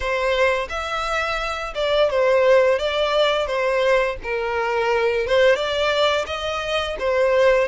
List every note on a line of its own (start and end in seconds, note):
0.00 0.68 C5
0.68 1.73 E5
1.74 2.09 D5
2.10 2.78 C5
2.78 3.46 D5
3.46 4.16 C5
4.23 5.26 A#4
5.26 5.55 C5
5.55 6.25 D5
6.26 6.96 D#5
6.99 7.67 C5